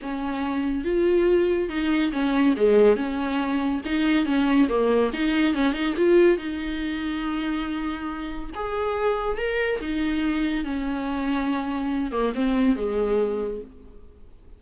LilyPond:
\new Staff \with { instrumentName = "viola" } { \time 4/4 \tempo 4 = 141 cis'2 f'2 | dis'4 cis'4 gis4 cis'4~ | cis'4 dis'4 cis'4 ais4 | dis'4 cis'8 dis'8 f'4 dis'4~ |
dis'1 | gis'2 ais'4 dis'4~ | dis'4 cis'2.~ | cis'8 ais8 c'4 gis2 | }